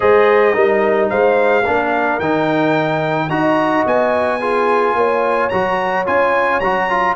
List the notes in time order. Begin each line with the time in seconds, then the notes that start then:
0.00 G#3 G#4 C5 D#5
0.53 G3 D#4 A#4
1.09 G#3 C5 F5
1.62 A#3 D4 A#4
2.19 D#3 D#4 G5
3.29 D#4 F#4 D#5 A#5
3.86 B3 G#5
4.39 F4 G#4
4.94 A#3 C#5
5.49 F#3 F#4 A#5
6.06 C#4 F4 G#5
6.60 F#3 F#4 A#5
6.89 F4